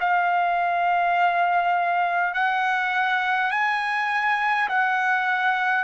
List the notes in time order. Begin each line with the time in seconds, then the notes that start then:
0.00 F5
2.34 F#5
3.51 G#5
4.69 F#5